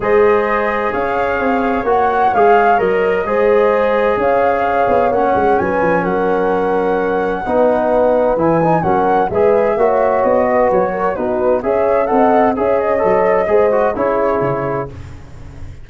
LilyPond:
<<
  \new Staff \with { instrumentName = "flute" } { \time 4/4 \tempo 4 = 129 dis''2 f''2 | fis''4 f''4 dis''2~ | dis''4 f''2 fis''4 | gis''4 fis''2.~ |
fis''2 gis''4 fis''4 | e''2 dis''4 cis''4 | b'4 e''4 fis''4 e''8 dis''8~ | dis''2 cis''2 | }
  \new Staff \with { instrumentName = "horn" } { \time 4/4 c''2 cis''2~ | cis''2. c''4~ | c''4 cis''2. | b'4 ais'2. |
b'2. ais'4 | b'4 cis''4. b'4 ais'8 | fis'4 cis''4 dis''4 cis''4~ | cis''4 c''4 gis'2 | }
  \new Staff \with { instrumentName = "trombone" } { \time 4/4 gis'1 | fis'4 gis'4 ais'4 gis'4~ | gis'2. cis'4~ | cis'1 |
dis'2 e'8 dis'8 cis'4 | gis'4 fis'2. | dis'4 gis'4 a'4 gis'4 | a'4 gis'8 fis'8 e'2 | }
  \new Staff \with { instrumentName = "tuba" } { \time 4/4 gis2 cis'4 c'4 | ais4 gis4 fis4 gis4~ | gis4 cis'4. b8 ais8 gis8 | fis8 f8 fis2. |
b2 e4 fis4 | gis4 ais4 b4 fis4 | b4 cis'4 c'4 cis'4 | fis4 gis4 cis'4 cis4 | }
>>